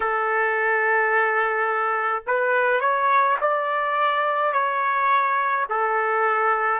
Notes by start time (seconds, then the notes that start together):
0.00 A4
2.26 B4
2.80 C#5
3.40 D5
4.52 C#5
5.69 A4